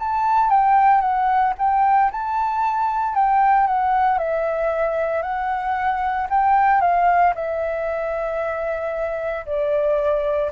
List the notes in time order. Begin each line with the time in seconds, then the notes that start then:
0.00 A5
0.50 G5
1.01 F#5
1.59 G5
2.11 A5
3.15 G5
3.67 F#5
4.19 E5
5.22 F#5
6.30 G5
6.81 F5
7.35 E5
9.46 D5